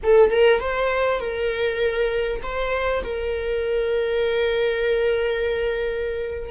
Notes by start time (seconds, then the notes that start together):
0.03 A4
0.30 A#4
0.60 C5
1.20 A#4
2.42 C5
3.03 A#4